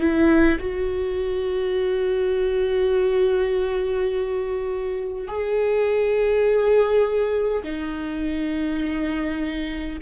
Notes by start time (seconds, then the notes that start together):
0.00 E4
0.59 F#4
5.28 G#4
7.63 D#4